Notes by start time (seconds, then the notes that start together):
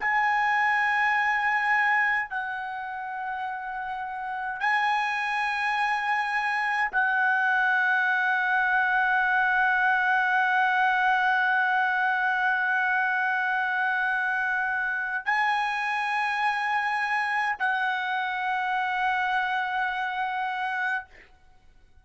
0.00 G#5
2.30 F#5
4.60 G#5
6.92 F#5
15.26 G#5
17.59 F#5